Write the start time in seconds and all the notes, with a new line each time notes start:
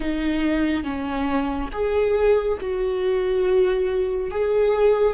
0.00 D#4
0.83 C#4
1.72 G#4
2.60 F#4
4.31 G#4